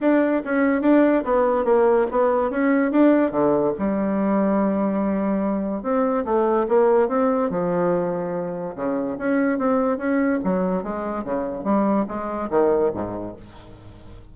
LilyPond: \new Staff \with { instrumentName = "bassoon" } { \time 4/4 \tempo 4 = 144 d'4 cis'4 d'4 b4 | ais4 b4 cis'4 d'4 | d4 g2.~ | g2 c'4 a4 |
ais4 c'4 f2~ | f4 cis4 cis'4 c'4 | cis'4 fis4 gis4 cis4 | g4 gis4 dis4 gis,4 | }